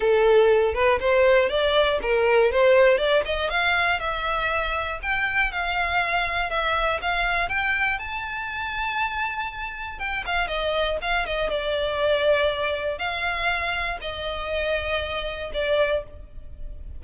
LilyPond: \new Staff \with { instrumentName = "violin" } { \time 4/4 \tempo 4 = 120 a'4. b'8 c''4 d''4 | ais'4 c''4 d''8 dis''8 f''4 | e''2 g''4 f''4~ | f''4 e''4 f''4 g''4 |
a''1 | g''8 f''8 dis''4 f''8 dis''8 d''4~ | d''2 f''2 | dis''2. d''4 | }